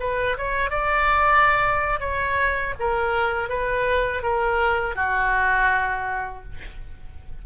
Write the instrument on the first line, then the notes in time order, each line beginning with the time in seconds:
oboe
0.00 B4
0.38 C#5
0.70 D5
2.00 C#5
2.79 A#4
3.49 B4
4.23 A#4
4.96 F#4